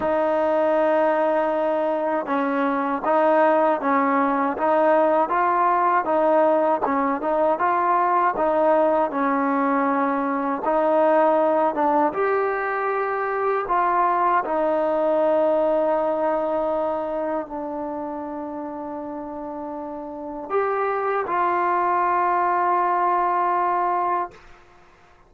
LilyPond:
\new Staff \with { instrumentName = "trombone" } { \time 4/4 \tempo 4 = 79 dis'2. cis'4 | dis'4 cis'4 dis'4 f'4 | dis'4 cis'8 dis'8 f'4 dis'4 | cis'2 dis'4. d'8 |
g'2 f'4 dis'4~ | dis'2. d'4~ | d'2. g'4 | f'1 | }